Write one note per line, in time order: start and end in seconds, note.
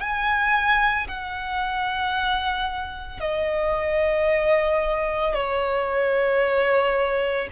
0.00 1.07 G#5
1.08 3.20 F#5
3.20 5.34 D#5
5.34 7.48 C#5